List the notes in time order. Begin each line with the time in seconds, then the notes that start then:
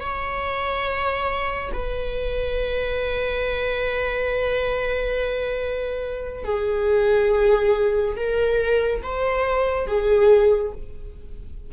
0.00 C#5
1.73 B4
6.44 G#4
8.16 A#4
9.03 C5
9.86 G#4